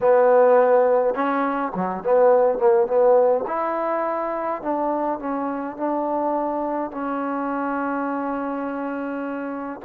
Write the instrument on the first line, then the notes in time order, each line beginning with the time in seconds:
trombone
0.01 B3
1.14 C#4
1.74 F#3
2.03 B3
2.58 A#3
2.87 B3
3.47 E4
4.62 D4
5.19 C#4
5.76 D4
6.91 C#4